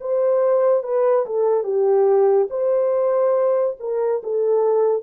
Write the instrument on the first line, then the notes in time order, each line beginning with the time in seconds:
horn
0.00 C5
0.83 B4
1.26 A4
1.63 G4
2.50 C5
3.80 A#4
4.23 A4